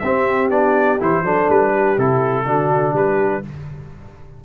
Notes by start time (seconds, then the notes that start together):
0.00 C4 G4 E5
0.50 B3 D4 D5
1.00 E3 E4 C5
1.23 F#3 D4 A4
1.49 G3 B4
1.72 G4
1.98 C3 E4 A4
2.45 D3 D4 F#4
2.94 G3 G4 B4